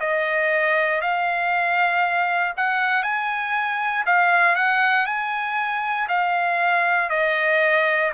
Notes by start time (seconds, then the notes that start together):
0.00 D#5
1.01 F5
2.57 F#5
3.03 G#5
4.06 F5
4.56 F#5
5.06 G#5
6.09 F5
7.10 D#5